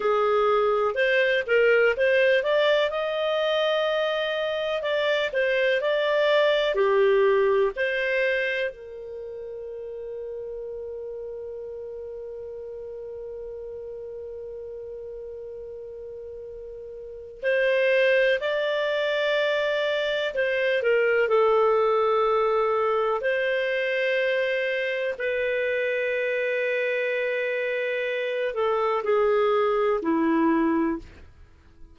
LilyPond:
\new Staff \with { instrumentName = "clarinet" } { \time 4/4 \tempo 4 = 62 gis'4 c''8 ais'8 c''8 d''8 dis''4~ | dis''4 d''8 c''8 d''4 g'4 | c''4 ais'2.~ | ais'1~ |
ais'2 c''4 d''4~ | d''4 c''8 ais'8 a'2 | c''2 b'2~ | b'4. a'8 gis'4 e'4 | }